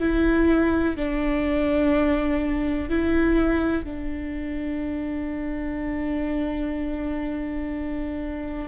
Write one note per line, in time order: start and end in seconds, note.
0.00 0.97 E4
0.97 2.89 D4
2.89 3.84 E4
3.84 8.68 D4